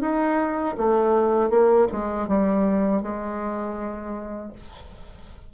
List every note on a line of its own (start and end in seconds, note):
0.00 0.75 D#4
0.77 1.49 A3
1.49 1.87 A#3
1.92 2.28 G#3
2.28 3.02 G3
3.02 4.52 G#3